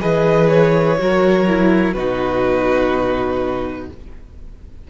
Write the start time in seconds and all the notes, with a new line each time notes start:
0.00 E3 G#4 B4 D#5
0.48 C#5
0.98 F#3 F#4 A#4
1.47 E4
1.93 B2 D#4 F#4 B4